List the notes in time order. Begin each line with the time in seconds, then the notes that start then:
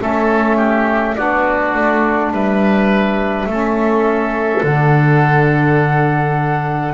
0.00 A3 C#4 A4 E5
0.57 G4
1.16 B3 D4 F#4 D5
1.75 A3
2.31 G3 B4 E5
3.46 A3 C#4 A4
4.63 D3 D4 F#5